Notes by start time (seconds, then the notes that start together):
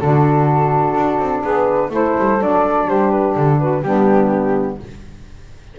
0.00 D3 D4 F#4 A4
0.96 D4
1.19 C4
1.42 B3 G#4 B4
1.89 A3 E4 A4 C5
2.18 G3
2.39 F#3 D4 D5
2.86 G3 G4 C5
3.10 B4
3.36 D3 A4
3.59 F#4 B4
3.82 G3 B3 D4 G4